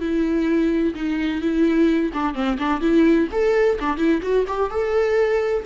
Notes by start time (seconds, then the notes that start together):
0.00 E4
0.94 D#4
1.41 E4
2.13 D4
2.34 C4
2.58 D4
2.81 E4
3.31 A4
3.79 D4
3.97 E4
4.22 F#4
4.47 G4
4.70 A4